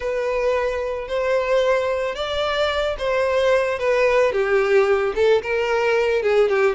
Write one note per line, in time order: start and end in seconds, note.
0.00 1.08 B4
1.08 2.15 C5
2.15 2.96 D5
2.98 3.78 C5
3.78 4.32 B4
4.32 5.13 G4
5.15 5.42 A4
5.42 6.22 A#4
6.22 6.49 G#4
6.49 6.75 G4